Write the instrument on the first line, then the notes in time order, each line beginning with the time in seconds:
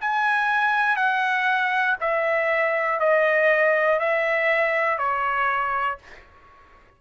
trumpet
0.00 G#5
0.96 F#5
2.00 E5
2.99 D#5
3.99 E5
4.98 C#5